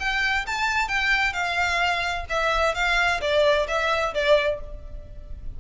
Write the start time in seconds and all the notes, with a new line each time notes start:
0.00 G5
0.47 A5
0.88 G5
1.33 F5
2.30 E5
2.75 F5
3.21 D5
3.68 E5
4.15 D5